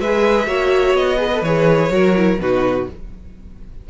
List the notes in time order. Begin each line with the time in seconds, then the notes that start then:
0.00 G#3 G#4 B4 E5
0.47 A#3 F#4 C#5
0.94 B3 D#5
1.18 G#4 B4
1.33 A4
1.42 E3 G#4 C#5
1.90 F#3 F#4 A#4
2.16 E4
2.38 B2 D#4 F#4 B4